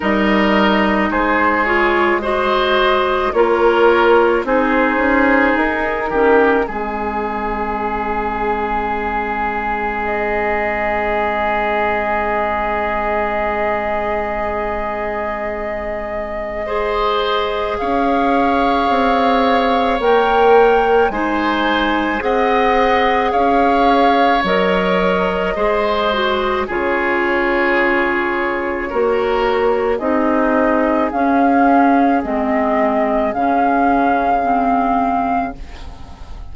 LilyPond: <<
  \new Staff \with { instrumentName = "flute" } { \time 4/4 \tempo 4 = 54 dis''4 c''8 cis''8 dis''4 cis''4 | c''4 ais'4 gis'2~ | gis'4 dis''2.~ | dis''1 |
f''2 g''4 gis''4 | fis''4 f''4 dis''2 | cis''2. dis''4 | f''4 dis''4 f''2 | }
  \new Staff \with { instrumentName = "oboe" } { \time 4/4 ais'4 gis'4 c''4 ais'4 | gis'4. g'8 gis'2~ | gis'1~ | gis'2. c''4 |
cis''2. c''4 | dis''4 cis''2 c''4 | gis'2 ais'4 gis'4~ | gis'1 | }
  \new Staff \with { instrumentName = "clarinet" } { \time 4/4 dis'4. f'8 fis'4 f'4 | dis'4. cis'8 c'2~ | c'1~ | c'2. gis'4~ |
gis'2 ais'4 dis'4 | gis'2 ais'4 gis'8 fis'8 | f'2 fis'4 dis'4 | cis'4 c'4 cis'4 c'4 | }
  \new Staff \with { instrumentName = "bassoon" } { \time 4/4 g4 gis2 ais4 | c'8 cis'8 dis'8 dis8 gis2~ | gis1~ | gis1 |
cis'4 c'4 ais4 gis4 | c'4 cis'4 fis4 gis4 | cis2 ais4 c'4 | cis'4 gis4 cis2 | }
>>